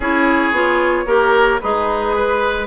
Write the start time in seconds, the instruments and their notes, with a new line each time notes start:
0.00 bassoon C#4, clarinet E4, oboe G#4, flute C#5
0.51 bassoon B3, clarinet F4
1.05 bassoon A#3, clarinet G4, oboe A#4
1.60 bassoon G#3, oboe D#4, clarinet G#4, flute B4
2.15 oboe B4